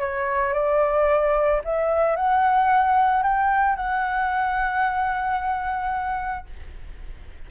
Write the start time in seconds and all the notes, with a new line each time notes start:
0.00 C#5
0.53 D5
1.64 E5
2.16 F#5
3.22 G5
3.76 F#5